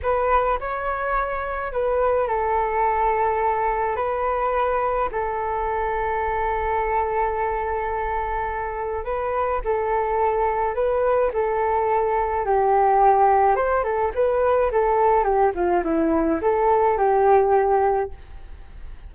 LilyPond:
\new Staff \with { instrumentName = "flute" } { \time 4/4 \tempo 4 = 106 b'4 cis''2 b'4 | a'2. b'4~ | b'4 a'2.~ | a'1 |
b'4 a'2 b'4 | a'2 g'2 | c''8 a'8 b'4 a'4 g'8 f'8 | e'4 a'4 g'2 | }